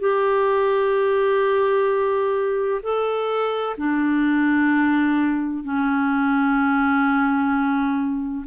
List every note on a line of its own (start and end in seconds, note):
0.00 2.81 G4
2.83 3.77 A4
3.78 5.65 D4
5.65 8.46 C#4